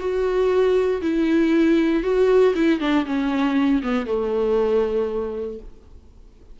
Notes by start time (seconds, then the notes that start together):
0.00 F#4
1.02 E4
2.04 F#4
2.55 E4
2.80 D4
3.06 C#4
3.83 B3
4.07 A3